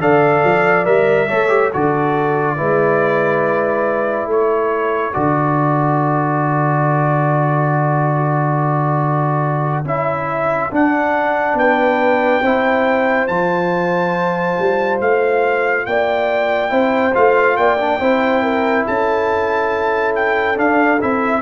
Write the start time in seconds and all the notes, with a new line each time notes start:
0.00 D3 A4 D5 F5
0.44 F3
0.85 G3 A#4 E5
1.28 A3 A4 C#5
1.49 G4
1.72 D3 F#4 A4 D5
2.57 G#3 E4 B4
4.26 A3 A4 C#5
5.13 D3 F#4 D5
9.85 C#4 E4 E5
10.72 D4 F#5
11.54 B3 B4 G5
12.42 C4 E4 C5
13.28 F3 F4 A5
14.59 G3
15.01 A3 F5
15.86 A#3 D5 G5
16.69 C4 E4 C5
17.14 A3 F4 F5
17.57 A#3 D5 G5
17.78 D4
18.00 C4 E4 C5
18.43 A#4
18.86 C#4 A4 A5
20.16 G5
20.56 D4 F5
21.00 C4 E4 E5